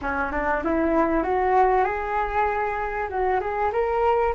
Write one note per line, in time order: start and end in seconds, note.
0.01 0.31 C#4
0.31 0.62 D4
0.64 1.23 E4
1.23 1.84 F#4
1.84 3.08 G#4
3.09 3.40 F#4
3.40 3.71 G#4
3.72 4.34 A#4